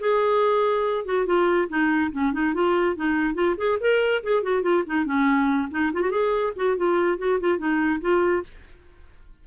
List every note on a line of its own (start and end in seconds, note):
0.00 1.05 G#4
1.05 1.26 F#4
1.26 1.68 F4
1.69 2.11 D#4
2.12 2.33 C#4
2.33 2.54 D#4
2.54 2.96 F4
2.96 3.35 D#4
3.35 3.56 F4
3.57 3.78 G#4
3.80 4.23 A#4
4.23 4.43 G#4
4.43 4.62 F#4
4.62 4.84 F4
4.86 5.05 D#4
5.05 5.69 C#4
5.71 5.92 D#4
5.93 6.02 F4
6.02 6.11 F#4
6.11 6.53 G#4
6.56 6.77 F#4
6.77 7.18 F4
7.18 7.39 F#4
7.40 7.58 F4
7.58 8.00 D#4
8.01 8.43 F4